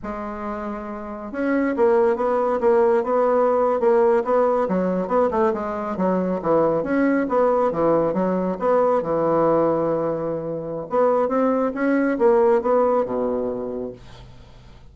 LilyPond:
\new Staff \with { instrumentName = "bassoon" } { \time 4/4 \tempo 4 = 138 gis2. cis'4 | ais4 b4 ais4 b4~ | b8. ais4 b4 fis4 b16~ | b16 a8 gis4 fis4 e4 cis'16~ |
cis'8. b4 e4 fis4 b16~ | b8. e2.~ e16~ | e4 b4 c'4 cis'4 | ais4 b4 b,2 | }